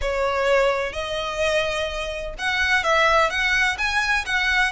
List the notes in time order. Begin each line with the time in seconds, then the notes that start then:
0.01 C#5
0.92 D#5
2.38 F#5
2.83 E5
3.29 F#5
3.78 G#5
4.25 F#5